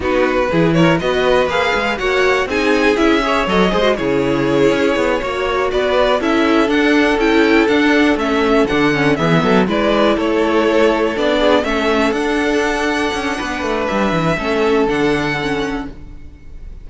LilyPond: <<
  \new Staff \with { instrumentName = "violin" } { \time 4/4 \tempo 4 = 121 b'4. cis''8 dis''4 f''4 | fis''4 gis''4 e''4 dis''4 | cis''2.~ cis''8 d''8~ | d''8 e''4 fis''4 g''4 fis''8~ |
fis''8 e''4 fis''4 e''4 d''8~ | d''8 cis''2 d''4 e''8~ | e''8 fis''2.~ fis''8 | e''2 fis''2 | }
  \new Staff \with { instrumentName = "violin" } { \time 4/4 fis'4 gis'8 ais'8 b'2 | cis''4 gis'4. cis''4 c''8 | gis'2~ gis'8 cis''4 b'8~ | b'8 a'2.~ a'8~ |
a'2~ a'8 gis'8 a'8 b'8~ | b'8 a'2~ a'8 gis'8 a'8~ | a'2. b'4~ | b'4 a'2. | }
  \new Staff \with { instrumentName = "viola" } { \time 4/4 dis'4 e'4 fis'4 gis'4 | fis'4 dis'4 e'8 gis'8 a'8 gis'16 fis'16 | e'2~ e'8 fis'4.~ | fis'8 e'4 d'4 e'4 d'8~ |
d'8 cis'4 d'8 cis'8 b4 e'8~ | e'2~ e'8 d'4 cis'8~ | cis'8 d'2.~ d'8~ | d'4 cis'4 d'4 cis'4 | }
  \new Staff \with { instrumentName = "cello" } { \time 4/4 b4 e4 b4 ais8 gis8 | ais4 c'4 cis'4 fis8 gis8 | cis4. cis'8 b8 ais4 b8~ | b8 cis'4 d'4 cis'4 d'8~ |
d'8 a4 d4 e8 fis8 gis8~ | gis8 a2 b4 a8~ | a8 d'2 cis'8 b8 a8 | g8 e8 a4 d2 | }
>>